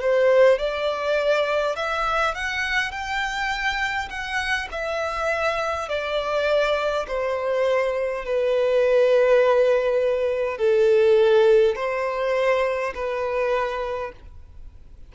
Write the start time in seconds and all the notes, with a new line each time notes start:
0.00 C5
0.58 D5
1.75 E5
2.34 F#5
2.91 G5
4.09 F#5
4.71 E5
5.88 D5
7.07 C5
8.25 B4
10.58 A4
11.75 C5
12.94 B4